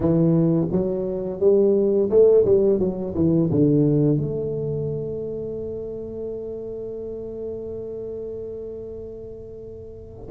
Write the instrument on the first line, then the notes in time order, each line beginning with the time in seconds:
tuba
0.00 E3
0.71 F#3
1.40 G3
2.09 A3
2.45 G3
2.79 F#3
3.14 E3
3.51 D3
4.17 A3